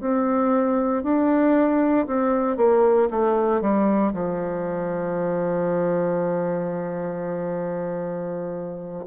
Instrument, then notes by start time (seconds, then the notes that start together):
bassoon
0.00 C4
1.03 D4
2.06 C4
2.57 A#3
3.10 A3
3.61 G3
4.13 F3